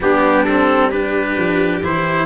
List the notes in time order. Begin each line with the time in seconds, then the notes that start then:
0.00 G3 B3 D4 G4
0.45 C4 A4
0.89 D4 G4 B4
1.36 F3
1.83 E3 E4 C5